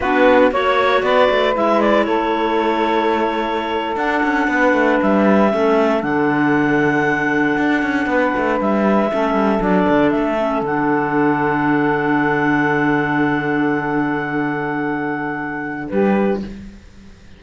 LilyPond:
<<
  \new Staff \with { instrumentName = "clarinet" } { \time 4/4 \tempo 4 = 117 b'4 cis''4 d''4 e''8 d''8 | cis''2.~ cis''8. fis''16~ | fis''4.~ fis''16 e''2 fis''16~ | fis''1~ |
fis''8. e''2 d''4 e''16~ | e''8. fis''2.~ fis''16~ | fis''1~ | fis''2. b'4 | }
  \new Staff \with { instrumentName = "saxophone" } { \time 4/4 fis'4 cis''4 b'2 | a'1~ | a'8. b'2 a'4~ a'16~ | a'2.~ a'8. b'16~ |
b'4.~ b'16 a'2~ a'16~ | a'1~ | a'1~ | a'2. g'4 | }
  \new Staff \with { instrumentName = "clarinet" } { \time 4/4 d'4 fis'2 e'4~ | e'2.~ e'8. d'16~ | d'2~ d'8. cis'4 d'16~ | d'1~ |
d'4.~ d'16 cis'4 d'4~ d'16~ | d'16 cis'8 d'2.~ d'16~ | d'1~ | d'1 | }
  \new Staff \with { instrumentName = "cello" } { \time 4/4 b4 ais4 b8 a8 gis4 | a2.~ a8. d'16~ | d'16 cis'8 b8 a8 g4 a4 d16~ | d2~ d8. d'8 cis'8 b16~ |
b16 a8 g4 a8 g8 fis8 d8 a16~ | a8. d2.~ d16~ | d1~ | d2. g4 | }
>>